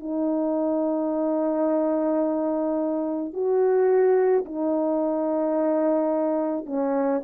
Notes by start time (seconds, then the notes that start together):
0.00 D#4
3.33 F#4
4.45 D#4
6.66 C#4